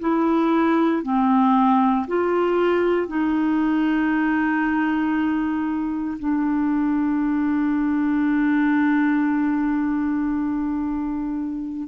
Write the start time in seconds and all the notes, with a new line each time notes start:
0.00 E4
1.03 C4
2.07 F4
3.08 D#4
6.19 D4